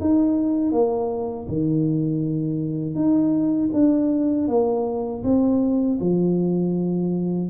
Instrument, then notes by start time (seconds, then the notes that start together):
tuba
0.00 D#4
0.72 A#3
1.48 D#3
2.95 D#4
3.73 D4
4.48 A#3
5.23 C4
6.00 F3